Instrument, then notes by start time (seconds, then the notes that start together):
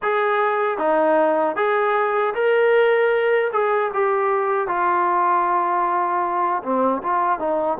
trombone
0.02 G#4
0.78 D#4
1.55 G#4
2.34 A#4
3.52 G#4
3.93 G4
4.68 F4
6.63 C4
7.02 F4
7.38 D#4